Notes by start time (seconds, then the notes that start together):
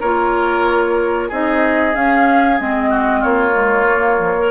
0.00 A#3 F4 A#4 C#5
1.29 C4 D#4 G#4 D#5
1.93 C#4 F5
2.58 G#3 C4 D#5
2.90 F#4
3.20 A#3 F4 C#5
3.53 G#3
3.88 A#3
4.18 F3
4.39 A#4